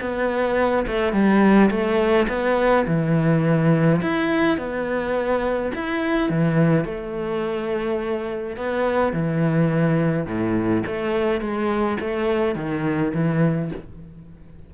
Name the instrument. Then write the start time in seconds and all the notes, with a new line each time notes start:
cello
0.00 B3
0.87 A3
1.12 G3
1.70 A3
2.28 B3
2.86 E3
4.01 E4
4.57 B3
5.74 E4
6.29 E3
6.85 A3
8.56 B3
9.12 E3
10.26 A2
10.86 A3
11.40 G#3
12.00 A3
12.55 D#3
13.14 E3